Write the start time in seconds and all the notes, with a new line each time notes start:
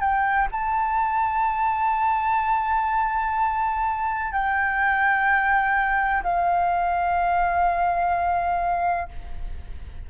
0.00 G5
0.52 A5
4.32 G5
6.23 F5